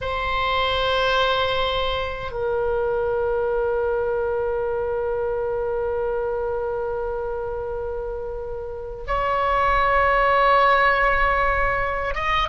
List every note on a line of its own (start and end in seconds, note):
0.01 2.31 C5
2.31 9.04 A#4
9.07 12.14 C#5
12.14 12.48 D#5